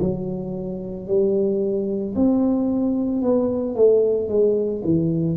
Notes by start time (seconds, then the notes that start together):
0.00 F#3
1.07 G3
2.15 C4
3.22 B3
3.75 A3
4.28 G#3
4.84 E3